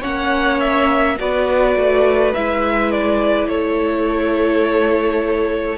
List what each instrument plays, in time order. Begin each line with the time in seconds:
0.00 cello A#3, viola C#4, violin C#5 F#5
0.60 violin E5
1.18 cello B3, viola F#4, violin B4 D5
1.75 cello A3
2.33 cello G#3, viola E4, violin E5
2.91 violin D5
3.48 cello A3, violin A4 C#5